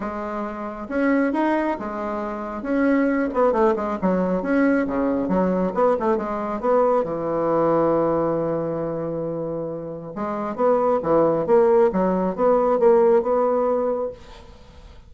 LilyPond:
\new Staff \with { instrumentName = "bassoon" } { \time 4/4 \tempo 4 = 136 gis2 cis'4 dis'4 | gis2 cis'4. b8 | a8 gis8 fis4 cis'4 cis4 | fis4 b8 a8 gis4 b4 |
e1~ | e2. gis4 | b4 e4 ais4 fis4 | b4 ais4 b2 | }